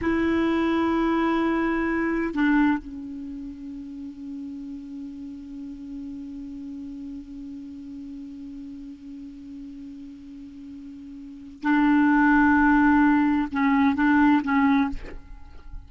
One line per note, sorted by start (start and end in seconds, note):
0.01 2.33 E4
2.33 2.78 D4
2.78 11.62 C#4
11.62 13.48 D4
13.51 13.95 C#4
13.95 14.41 D4
14.43 14.89 C#4